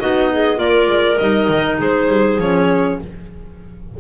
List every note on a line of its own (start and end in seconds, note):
0.00 0.58 B3
0.00 0.56 D#4
0.00 0.30 F#4
0.00 0.59 D#5
0.33 0.58 G#4
0.56 0.87 A#3
0.56 1.16 F4
0.56 1.78 A#4
0.56 1.18 D5
0.87 1.17 G#3
1.18 1.49 G3
1.18 2.41 D#4
1.18 1.78 D#5
1.49 1.79 D#3
1.79 2.08 G#3
1.79 2.99 G#4
1.79 2.41 C5
2.08 2.38 G3
2.38 2.98 F3
2.38 3.01 C#4
2.38 3.01 C#5